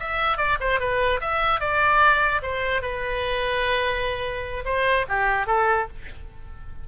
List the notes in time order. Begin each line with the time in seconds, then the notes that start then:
0.00 E5
0.38 D5
0.60 C5
0.80 B4
1.21 E5
1.60 D5
2.43 C5
2.82 B4
4.65 C5
5.09 G4
5.47 A4